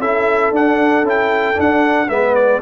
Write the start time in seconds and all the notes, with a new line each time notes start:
0.00 C#4 E4 A4 E5
0.51 D4 F#5
1.03 C#4 E4 G5
1.55 D4 F#5
2.09 G#3 B3 B4 E5
2.35 D5